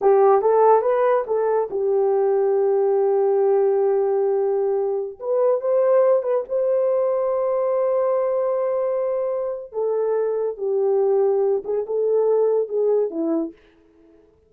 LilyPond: \new Staff \with { instrumentName = "horn" } { \time 4/4 \tempo 4 = 142 g'4 a'4 b'4 a'4 | g'1~ | g'1~ | g'16 b'4 c''4. b'8 c''8.~ |
c''1~ | c''2. a'4~ | a'4 g'2~ g'8 gis'8 | a'2 gis'4 e'4 | }